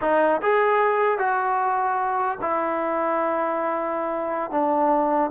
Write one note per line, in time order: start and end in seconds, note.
0.01 0.41 D#4
0.41 1.18 G#4
1.18 2.38 F#4
2.41 4.50 E4
4.50 5.30 D4